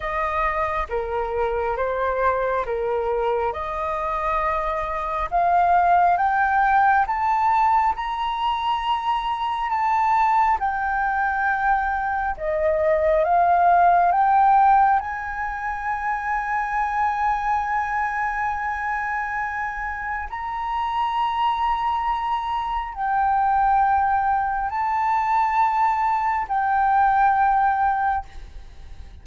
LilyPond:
\new Staff \with { instrumentName = "flute" } { \time 4/4 \tempo 4 = 68 dis''4 ais'4 c''4 ais'4 | dis''2 f''4 g''4 | a''4 ais''2 a''4 | g''2 dis''4 f''4 |
g''4 gis''2.~ | gis''2. ais''4~ | ais''2 g''2 | a''2 g''2 | }